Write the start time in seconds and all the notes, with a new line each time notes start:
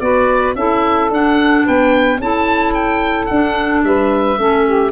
0.00 B3 F#4 B4 D5
0.55 C#4 E4 A4 E5
1.10 D4 F#5
1.65 B3 B4 G5
2.19 C#4 E4 A4 A5
2.74 G5
3.26 D4 F#5
3.83 G3 B4 E5
4.37 A3 C#4 A4
4.66 G4